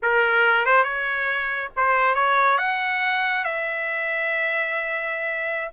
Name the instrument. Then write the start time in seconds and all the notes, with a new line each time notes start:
trumpet
0.02 A#4
0.65 C5
0.83 C#5
1.76 C5
2.14 C#5
2.58 F#5
3.44 E5